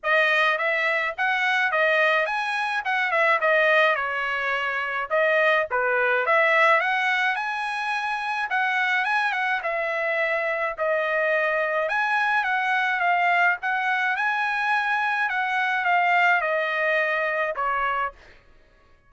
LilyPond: \new Staff \with { instrumentName = "trumpet" } { \time 4/4 \tempo 4 = 106 dis''4 e''4 fis''4 dis''4 | gis''4 fis''8 e''8 dis''4 cis''4~ | cis''4 dis''4 b'4 e''4 | fis''4 gis''2 fis''4 |
gis''8 fis''8 e''2 dis''4~ | dis''4 gis''4 fis''4 f''4 | fis''4 gis''2 fis''4 | f''4 dis''2 cis''4 | }